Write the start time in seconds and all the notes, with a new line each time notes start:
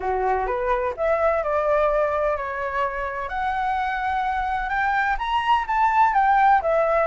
0.00 F#4
0.46 B4
0.97 E5
1.43 D5
2.36 C#5
3.28 F#5
4.69 G5
5.18 A#5
5.67 A5
6.14 G5
6.62 E5